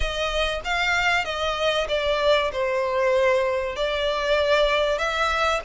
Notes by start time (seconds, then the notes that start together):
0.00 D#5
0.64 F5
1.24 D#5
1.88 D5
2.52 C5
3.76 D5
4.98 E5